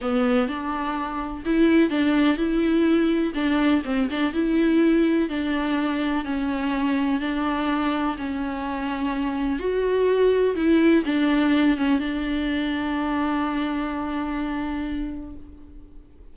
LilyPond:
\new Staff \with { instrumentName = "viola" } { \time 4/4 \tempo 4 = 125 b4 d'2 e'4 | d'4 e'2 d'4 | c'8 d'8 e'2 d'4~ | d'4 cis'2 d'4~ |
d'4 cis'2. | fis'2 e'4 d'4~ | d'8 cis'8 d'2.~ | d'1 | }